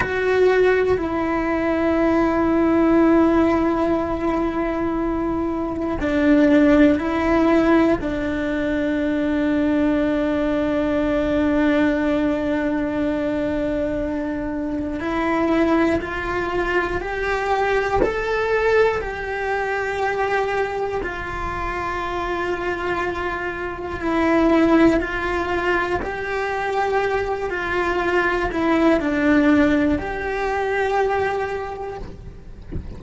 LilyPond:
\new Staff \with { instrumentName = "cello" } { \time 4/4 \tempo 4 = 60 fis'4 e'2.~ | e'2 d'4 e'4 | d'1~ | d'2. e'4 |
f'4 g'4 a'4 g'4~ | g'4 f'2. | e'4 f'4 g'4. f'8~ | f'8 e'8 d'4 g'2 | }